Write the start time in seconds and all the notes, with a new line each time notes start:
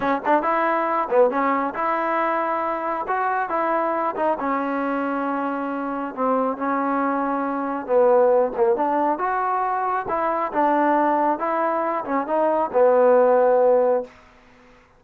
0.00 C#4
0.25 D4
0.42 E4
1.10 B3
1.30 C#4
1.74 E4
3.07 F#4
3.49 E4
4.16 D#4
4.39 C#4
6.14 C4
6.57 C#4
7.86 B3
8.56 A#3
8.76 D4
9.18 F#4
10.08 E4
10.52 D4
11.38 E4
12.04 C#4
12.26 D#4
12.72 B3